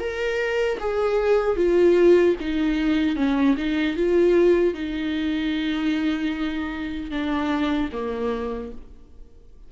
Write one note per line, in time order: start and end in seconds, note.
0.00 0.79 A#4
0.80 1.57 G#4
1.57 2.36 F4
2.41 3.17 D#4
3.17 3.56 C#4
3.57 3.97 D#4
3.97 4.74 F4
4.74 7.11 D#4
7.11 7.90 D4
7.93 8.72 A#3